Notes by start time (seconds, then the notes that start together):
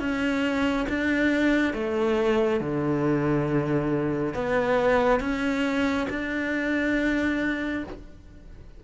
0.00 C#4
0.89 D4
1.74 A3
2.61 D3
4.34 B3
5.21 C#4
6.10 D4